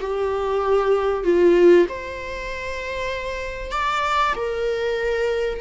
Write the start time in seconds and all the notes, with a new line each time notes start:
0.00 G4
1.24 F4
1.89 C5
3.71 D5
4.36 A#4